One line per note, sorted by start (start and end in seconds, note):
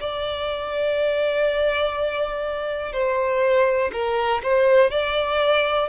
0.00 2.93 D5
2.93 3.91 C5
3.93 4.43 A#4
4.44 4.91 C5
4.91 5.89 D5